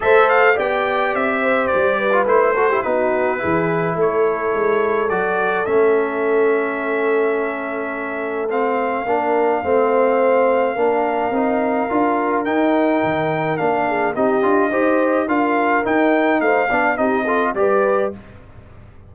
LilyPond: <<
  \new Staff \with { instrumentName = "trumpet" } { \time 4/4 \tempo 4 = 106 e''8 f''8 g''4 e''4 d''4 | c''4 b'2 cis''4~ | cis''4 d''4 e''2~ | e''2. f''4~ |
f''1~ | f''2 g''2 | f''4 dis''2 f''4 | g''4 f''4 dis''4 d''4 | }
  \new Staff \with { instrumentName = "horn" } { \time 4/4 c''4 d''4. c''4 b'8~ | b'8 a'16 g'16 fis'4 gis'4 a'4~ | a'1~ | a'1 |
ais'4 c''2 ais'4~ | ais'1~ | ais'8 gis'8 g'4 c''4 ais'4~ | ais'4 c''8 d''8 g'8 a'8 b'4 | }
  \new Staff \with { instrumentName = "trombone" } { \time 4/4 a'4 g'2~ g'8. f'16 | e'8 fis'16 e'16 dis'4 e'2~ | e'4 fis'4 cis'2~ | cis'2. c'4 |
d'4 c'2 d'4 | dis'4 f'4 dis'2 | d'4 dis'8 f'8 g'4 f'4 | dis'4. d'8 dis'8 f'8 g'4 | }
  \new Staff \with { instrumentName = "tuba" } { \time 4/4 a4 b4 c'4 g4 | a4 b4 e4 a4 | gis4 fis4 a2~ | a1 |
ais4 a2 ais4 | c'4 d'4 dis'4 dis4 | ais4 c'8 d'8 dis'4 d'4 | dis'4 a8 b8 c'4 g4 | }
>>